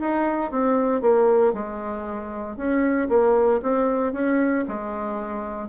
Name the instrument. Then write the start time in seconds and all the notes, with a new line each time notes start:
bassoon
0.00 D#4
0.51 C4
1.01 A#3
1.53 G#3
2.57 C#4
3.09 A#3
3.62 C4
4.13 C#4
4.68 G#3